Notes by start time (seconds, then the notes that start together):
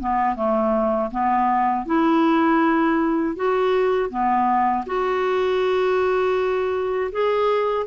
0.00 B3
0.35 A3
1.11 B3
1.86 E4
3.36 F#4
4.10 B3
4.86 F#4
7.12 G#4